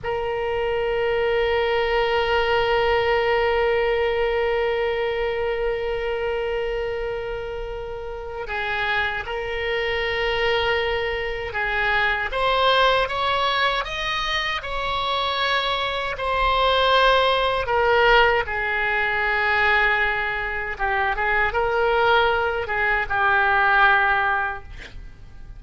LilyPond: \new Staff \with { instrumentName = "oboe" } { \time 4/4 \tempo 4 = 78 ais'1~ | ais'1~ | ais'2. gis'4 | ais'2. gis'4 |
c''4 cis''4 dis''4 cis''4~ | cis''4 c''2 ais'4 | gis'2. g'8 gis'8 | ais'4. gis'8 g'2 | }